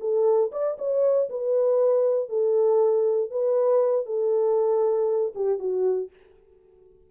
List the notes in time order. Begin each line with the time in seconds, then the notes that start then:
0.00 A4
0.52 D5
0.78 C#5
1.29 B4
2.29 A4
3.30 B4
4.06 A4
5.35 G4
5.59 F#4